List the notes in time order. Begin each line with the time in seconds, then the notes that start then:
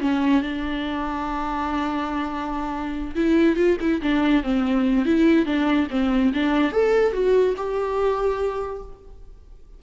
0.00 C#4
0.41 D4
3.15 E4
3.56 F4
3.80 E4
4.02 D4
4.43 C4
5.05 E4
5.45 D4
5.90 C4
6.33 D4
6.72 A4
7.12 F#4
7.56 G4